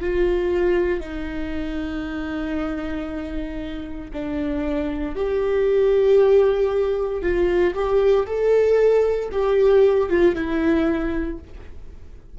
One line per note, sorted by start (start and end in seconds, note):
0.00 1.01 F4
1.01 4.11 D#4
4.13 5.16 D4
5.16 7.22 G4
7.22 7.74 F4
7.74 8.26 G4
8.26 9.30 A4
9.32 10.10 G4
10.10 10.35 F4
10.35 11.38 E4